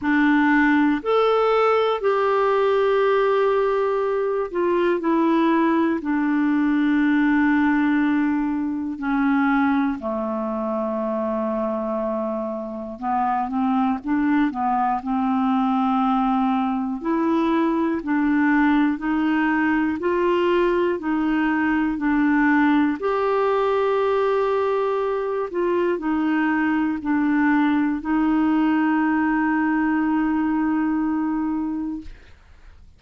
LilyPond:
\new Staff \with { instrumentName = "clarinet" } { \time 4/4 \tempo 4 = 60 d'4 a'4 g'2~ | g'8 f'8 e'4 d'2~ | d'4 cis'4 a2~ | a4 b8 c'8 d'8 b8 c'4~ |
c'4 e'4 d'4 dis'4 | f'4 dis'4 d'4 g'4~ | g'4. f'8 dis'4 d'4 | dis'1 | }